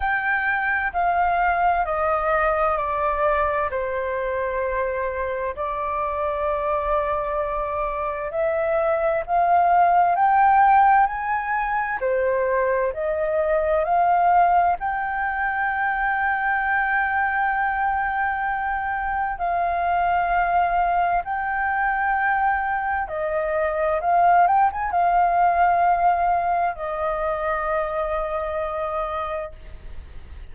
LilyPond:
\new Staff \with { instrumentName = "flute" } { \time 4/4 \tempo 4 = 65 g''4 f''4 dis''4 d''4 | c''2 d''2~ | d''4 e''4 f''4 g''4 | gis''4 c''4 dis''4 f''4 |
g''1~ | g''4 f''2 g''4~ | g''4 dis''4 f''8 g''16 gis''16 f''4~ | f''4 dis''2. | }